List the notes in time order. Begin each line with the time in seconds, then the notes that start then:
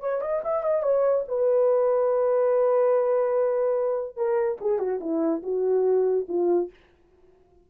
0.00 C#5
0.21 D#5
0.44 E5
0.63 D#5
0.83 C#5
1.28 B4
4.16 A#4
4.61 G#4
4.79 F#4
5.00 E4
5.43 F#4
6.28 F4